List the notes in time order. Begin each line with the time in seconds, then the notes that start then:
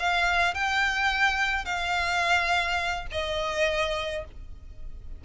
0.00 F5
0.55 G5
1.65 F5
3.12 D#5